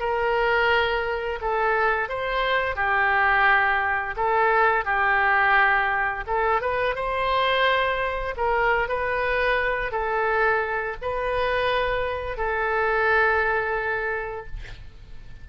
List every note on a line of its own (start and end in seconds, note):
0.00 1.40 A#4
1.41 2.09 A4
2.09 2.76 C5
2.76 4.15 G4
4.17 4.85 A4
4.85 6.25 G4
6.27 6.62 A4
6.62 6.95 B4
6.95 8.35 C5
8.37 8.89 A#4
8.89 9.92 B4
9.92 10.97 A4
11.02 12.38 B4
12.38 14.47 A4